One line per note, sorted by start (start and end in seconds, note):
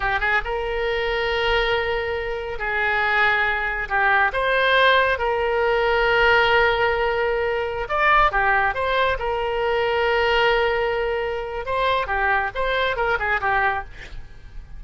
0.00 0.19 G4
0.20 0.41 G#4
0.44 2.59 A#4
2.59 3.88 G#4
3.88 4.31 G4
4.32 5.18 C5
5.18 7.88 A#4
7.88 8.31 D5
8.31 8.74 G4
8.74 9.17 C5
9.18 11.65 A#4
11.65 12.06 C5
12.06 12.50 G4
12.54 12.96 C5
12.96 13.18 A#4
13.19 13.40 G#4
13.40 13.83 G4